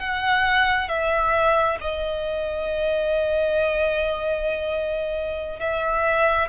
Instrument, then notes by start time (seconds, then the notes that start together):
violin
0.00 F#5
0.89 E5
1.81 D#5
5.60 E5